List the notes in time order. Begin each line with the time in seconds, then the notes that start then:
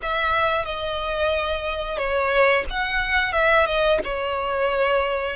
0.02 E5
0.65 D#5
1.98 C#5
2.70 F#5
3.32 E5
3.65 D#5
4.04 C#5